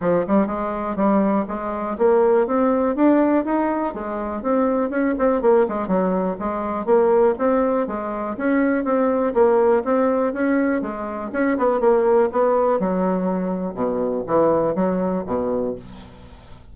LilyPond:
\new Staff \with { instrumentName = "bassoon" } { \time 4/4 \tempo 4 = 122 f8 g8 gis4 g4 gis4 | ais4 c'4 d'4 dis'4 | gis4 c'4 cis'8 c'8 ais8 gis8 | fis4 gis4 ais4 c'4 |
gis4 cis'4 c'4 ais4 | c'4 cis'4 gis4 cis'8 b8 | ais4 b4 fis2 | b,4 e4 fis4 b,4 | }